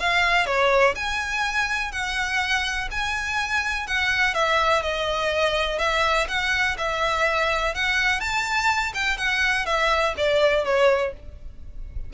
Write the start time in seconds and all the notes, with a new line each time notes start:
0.00 F5
0.47 C#5
0.96 G#5
1.92 F#5
2.91 G#5
3.88 F#5
4.35 E5
4.83 D#5
5.79 E5
6.28 F#5
6.78 E5
7.75 F#5
8.20 A5
8.94 G5
9.18 F#5
9.66 E5
10.17 D5
10.65 C#5